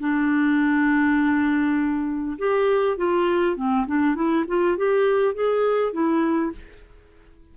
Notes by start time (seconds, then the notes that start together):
0.00 D4
2.38 G4
2.97 F4
3.56 C4
3.87 D4
4.15 E4
4.47 F4
4.77 G4
5.34 G#4
5.93 E4